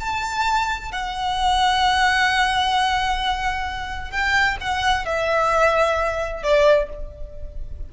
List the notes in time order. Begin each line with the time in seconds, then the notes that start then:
0.00 A5
0.92 F#5
4.11 G5
4.61 F#5
5.06 E5
6.43 D5